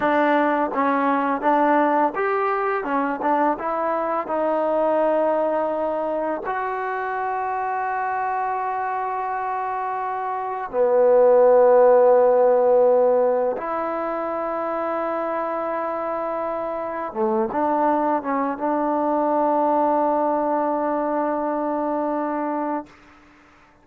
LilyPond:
\new Staff \with { instrumentName = "trombone" } { \time 4/4 \tempo 4 = 84 d'4 cis'4 d'4 g'4 | cis'8 d'8 e'4 dis'2~ | dis'4 fis'2.~ | fis'2. b4~ |
b2. e'4~ | e'1 | a8 d'4 cis'8 d'2~ | d'1 | }